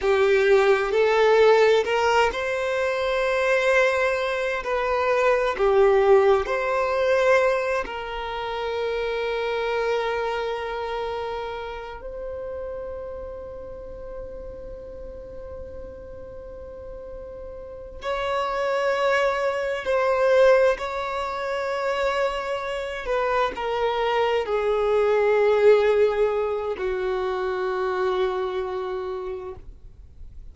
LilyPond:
\new Staff \with { instrumentName = "violin" } { \time 4/4 \tempo 4 = 65 g'4 a'4 ais'8 c''4.~ | c''4 b'4 g'4 c''4~ | c''8 ais'2.~ ais'8~ | ais'4 c''2.~ |
c''2.~ c''8 cis''8~ | cis''4. c''4 cis''4.~ | cis''4 b'8 ais'4 gis'4.~ | gis'4 fis'2. | }